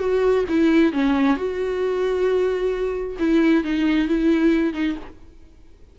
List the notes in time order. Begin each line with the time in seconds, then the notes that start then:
0.00 F#4
0.49 E4
0.93 C#4
1.37 F#4
3.20 E4
3.64 D#4
4.08 E4
4.74 D#4